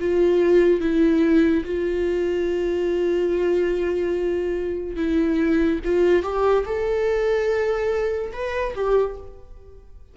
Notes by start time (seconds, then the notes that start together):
0.00 F4
0.81 E4
1.65 F4
4.96 E4
5.84 F4
6.23 G4
6.66 A4
8.33 B4
8.75 G4